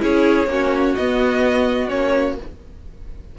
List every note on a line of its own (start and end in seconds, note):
0.00 0.47 C#4
0.00 0.47 E4
0.00 0.50 G#4
0.00 0.95 C#5
0.47 0.94 A#3
0.47 0.97 C#4
0.47 2.39 F#4
0.95 1.91 B3
0.95 1.89 B3
0.95 1.89 D#5
1.89 2.38 A#3
1.89 2.36 C#4
1.89 2.36 C#5